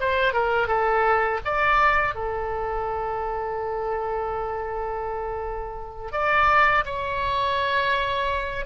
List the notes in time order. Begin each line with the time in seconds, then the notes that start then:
0.00 C5
0.33 A#4
0.67 A4
1.45 D5
2.15 A4
6.12 D5
6.85 C#5